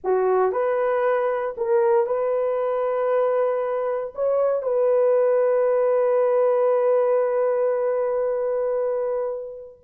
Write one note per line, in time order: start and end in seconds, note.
0.04 0.51 F#4
0.51 1.55 B4
1.57 2.06 A#4
2.06 4.13 B4
4.14 4.62 C#5
4.62 9.79 B4